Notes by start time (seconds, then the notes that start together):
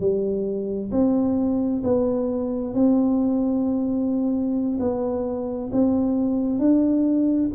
0.00 G3
0.91 C4
1.83 B3
2.74 C4
4.79 B3
5.72 C4
6.59 D4